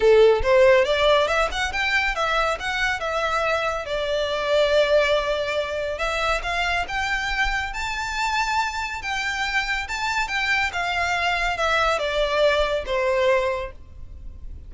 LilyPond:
\new Staff \with { instrumentName = "violin" } { \time 4/4 \tempo 4 = 140 a'4 c''4 d''4 e''8 fis''8 | g''4 e''4 fis''4 e''4~ | e''4 d''2.~ | d''2 e''4 f''4 |
g''2 a''2~ | a''4 g''2 a''4 | g''4 f''2 e''4 | d''2 c''2 | }